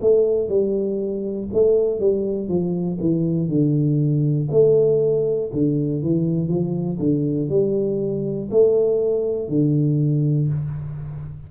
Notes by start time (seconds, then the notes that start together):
0.00 A3
0.48 G3
1.53 A3
1.99 G3
2.48 F3
3.00 E3
3.48 D3
4.50 A3
5.52 D3
6.02 E3
6.48 F3
6.99 D3
7.49 G3
8.50 A3
9.48 D3